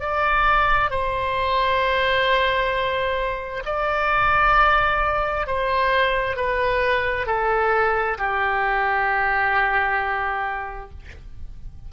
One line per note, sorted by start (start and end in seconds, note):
0.00 0.90 D5
0.90 3.63 C5
3.65 5.47 D5
5.47 6.36 C5
6.36 7.26 B4
7.26 8.17 A4
8.18 10.90 G4